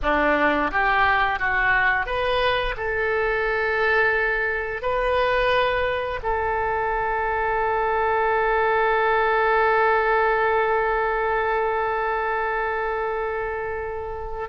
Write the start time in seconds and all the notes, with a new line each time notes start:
0.02 D4
0.71 G4
1.39 F#4
2.05 B4
2.76 A4
4.82 B4
6.22 A4